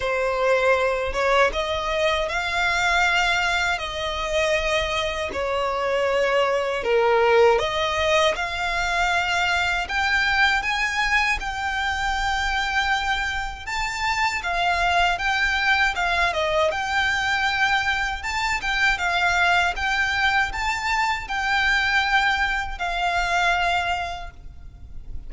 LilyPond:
\new Staff \with { instrumentName = "violin" } { \time 4/4 \tempo 4 = 79 c''4. cis''8 dis''4 f''4~ | f''4 dis''2 cis''4~ | cis''4 ais'4 dis''4 f''4~ | f''4 g''4 gis''4 g''4~ |
g''2 a''4 f''4 | g''4 f''8 dis''8 g''2 | a''8 g''8 f''4 g''4 a''4 | g''2 f''2 | }